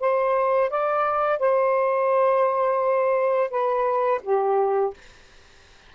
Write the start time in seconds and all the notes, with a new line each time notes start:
0.00 C5
0.70 D5
1.40 C5
3.51 B4
4.23 G4